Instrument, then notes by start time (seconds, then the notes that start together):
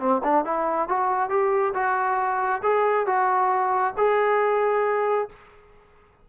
trombone
0.00 C4
0.24 D4
0.45 E4
0.89 F#4
1.30 G4
1.74 F#4
2.63 G#4
3.07 F#4
3.98 G#4